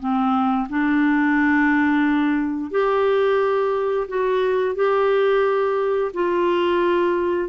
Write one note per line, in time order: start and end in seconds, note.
0.00 0.68 C4
0.69 2.71 D4
2.71 4.08 G4
4.08 4.76 F#4
4.76 6.12 G4
6.14 7.49 F4